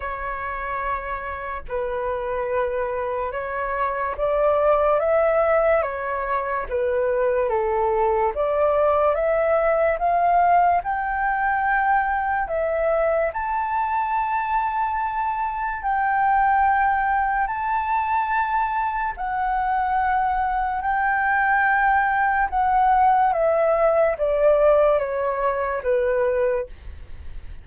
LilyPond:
\new Staff \with { instrumentName = "flute" } { \time 4/4 \tempo 4 = 72 cis''2 b'2 | cis''4 d''4 e''4 cis''4 | b'4 a'4 d''4 e''4 | f''4 g''2 e''4 |
a''2. g''4~ | g''4 a''2 fis''4~ | fis''4 g''2 fis''4 | e''4 d''4 cis''4 b'4 | }